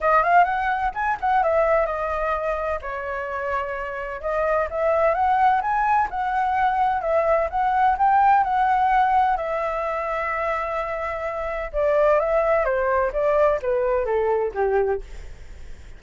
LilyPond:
\new Staff \with { instrumentName = "flute" } { \time 4/4 \tempo 4 = 128 dis''8 f''8 fis''4 gis''8 fis''8 e''4 | dis''2 cis''2~ | cis''4 dis''4 e''4 fis''4 | gis''4 fis''2 e''4 |
fis''4 g''4 fis''2 | e''1~ | e''4 d''4 e''4 c''4 | d''4 b'4 a'4 g'4 | }